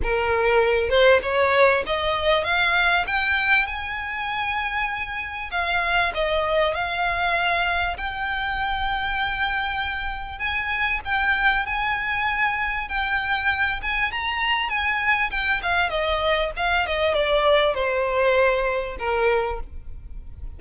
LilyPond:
\new Staff \with { instrumentName = "violin" } { \time 4/4 \tempo 4 = 98 ais'4. c''8 cis''4 dis''4 | f''4 g''4 gis''2~ | gis''4 f''4 dis''4 f''4~ | f''4 g''2.~ |
g''4 gis''4 g''4 gis''4~ | gis''4 g''4. gis''8 ais''4 | gis''4 g''8 f''8 dis''4 f''8 dis''8 | d''4 c''2 ais'4 | }